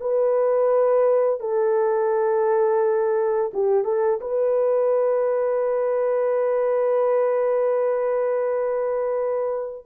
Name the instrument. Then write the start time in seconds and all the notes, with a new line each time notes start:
horn
0.00 B4
1.40 A4
3.53 G4
3.84 A4
4.20 B4